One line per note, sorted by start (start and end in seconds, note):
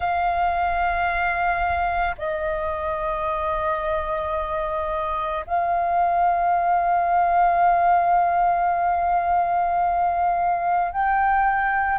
0.00 2.15 F5
2.18 5.45 D#5
5.46 10.92 F5
10.92 11.98 G5